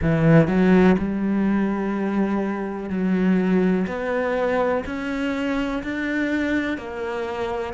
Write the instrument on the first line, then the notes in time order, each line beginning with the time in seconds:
cello
0.02 E3
0.48 F#3
0.98 G3
2.89 F#3
3.87 B3
4.86 C#4
5.83 D4
6.77 A#3